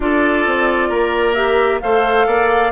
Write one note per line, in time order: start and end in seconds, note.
0.00 0.46 D4
0.00 1.35 F4
0.00 0.88 A4
0.00 1.34 D5
0.46 0.89 C4
0.88 1.80 A#3
0.88 1.79 A#4
1.34 1.80 G4
1.34 1.79 E5
1.80 2.27 A3
1.80 2.71 A4
1.80 2.27 C5
1.80 2.71 F5
2.27 2.71 A#3
2.27 2.71 D5